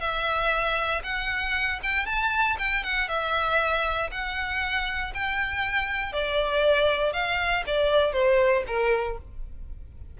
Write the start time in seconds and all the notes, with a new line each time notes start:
0.00 E5
1.03 F#5
1.83 G5
2.05 A5
2.58 G5
2.83 F#5
3.08 E5
4.11 F#5
5.14 G5
6.12 D5
7.13 F5
7.66 D5
8.12 C5
8.67 A#4